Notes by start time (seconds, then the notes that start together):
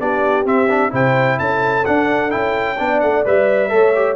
0.00 B3 D4 G4 D5
0.45 C4 E5
0.70 D4
0.90 C3 E4 C5 G5
1.39 C#4 A4 A5
1.85 D4 F#5
2.30 C#4 E4 G5
2.78 B3 D4 D5
3.00 A3 F#5
3.25 G3 B4 E5
3.69 A3 A4 C#5
3.95 G4